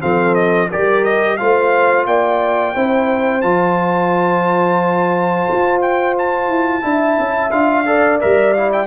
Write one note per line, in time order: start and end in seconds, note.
0.00 0.71 F3
0.00 0.68 C4
0.00 0.69 A4
0.00 0.34 F5
0.34 0.68 D#5
0.70 1.40 G3
0.70 1.38 G4
0.70 1.38 A#4
0.70 1.04 D5
1.04 1.37 D#5
1.37 2.06 A3
1.37 2.75 F4
1.37 2.07 C5
1.37 2.05 F5
2.06 2.74 A#3
2.06 2.75 D5
2.06 3.41 G5
2.75 3.43 C4
2.75 3.42 E4
2.75 6.84 C5
3.41 5.47 F3
3.41 6.81 F4
3.41 5.80 A5
5.51 6.48 F4
5.81 6.15 G5
6.18 7.51 A5
6.48 6.82 E4
6.81 7.18 D4
6.81 7.49 E4
6.81 7.87 E5
7.18 7.51 C#4
7.51 8.20 D4
7.51 7.85 F4
7.51 8.19 F5
7.85 8.19 A4
7.85 8.86 D5
8.20 8.86 G3
8.20 8.54 A#4
8.20 8.53 E5
8.53 8.86 E4
8.53 8.70 F5
8.72 8.86 G5